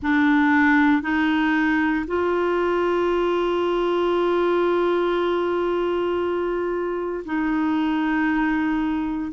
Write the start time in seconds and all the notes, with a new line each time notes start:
0.02 D4
1.02 D#4
2.07 F4
7.25 D#4